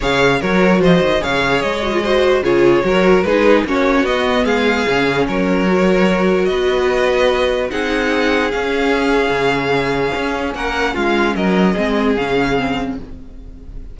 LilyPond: <<
  \new Staff \with { instrumentName = "violin" } { \time 4/4 \tempo 4 = 148 f''4 cis''4 dis''4 f''4 | dis''2 cis''2 | b'4 cis''4 dis''4 f''4~ | f''4 cis''2. |
dis''2. fis''4~ | fis''4 f''2.~ | f''2 fis''4 f''4 | dis''2 f''2 | }
  \new Staff \with { instrumentName = "violin" } { \time 4/4 cis''4 ais'4 c''4 cis''4~ | cis''4 c''4 gis'4 ais'4 | gis'4 fis'2 gis'4~ | gis'4 ais'2. |
b'2. gis'4~ | gis'1~ | gis'2 ais'4 f'4 | ais'4 gis'2. | }
  \new Staff \with { instrumentName = "viola" } { \time 4/4 gis'4 fis'2 gis'4~ | gis'8 fis'16 f'16 fis'4 f'4 fis'4 | dis'4 cis'4 b2 | cis'2 fis'2~ |
fis'2. dis'4~ | dis'4 cis'2.~ | cis'1~ | cis'4 c'4 cis'4 c'4 | }
  \new Staff \with { instrumentName = "cello" } { \time 4/4 cis4 fis4 f8 dis8 cis4 | gis2 cis4 fis4 | gis4 ais4 b4 gis4 | cis4 fis2. |
b2. c'4~ | c'4 cis'2 cis4~ | cis4 cis'4 ais4 gis4 | fis4 gis4 cis2 | }
>>